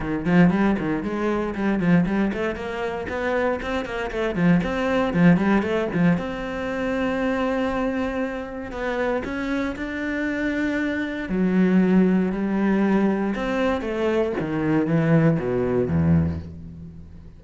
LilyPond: \new Staff \with { instrumentName = "cello" } { \time 4/4 \tempo 4 = 117 dis8 f8 g8 dis8 gis4 g8 f8 | g8 a8 ais4 b4 c'8 ais8 | a8 f8 c'4 f8 g8 a8 f8 | c'1~ |
c'4 b4 cis'4 d'4~ | d'2 fis2 | g2 c'4 a4 | dis4 e4 b,4 e,4 | }